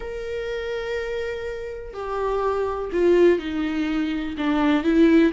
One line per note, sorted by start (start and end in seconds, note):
0.00 1.93 A#4
1.93 2.90 G4
2.92 3.38 F4
3.38 4.35 D#4
4.37 4.83 D4
4.83 5.31 E4